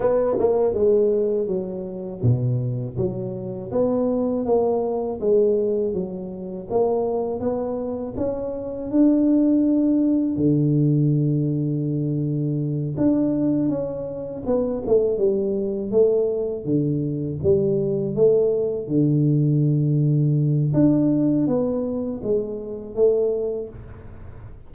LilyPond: \new Staff \with { instrumentName = "tuba" } { \time 4/4 \tempo 4 = 81 b8 ais8 gis4 fis4 b,4 | fis4 b4 ais4 gis4 | fis4 ais4 b4 cis'4 | d'2 d2~ |
d4. d'4 cis'4 b8 | a8 g4 a4 d4 g8~ | g8 a4 d2~ d8 | d'4 b4 gis4 a4 | }